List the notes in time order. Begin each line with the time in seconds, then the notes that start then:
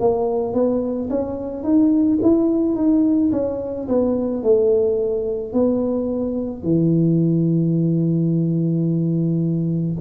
0.00 A#3
0.54 B3
1.10 C#4
1.64 D#4
2.23 E4
2.76 D#4
3.32 C#4
3.88 B3
4.43 A3
5.54 B3
6.63 E3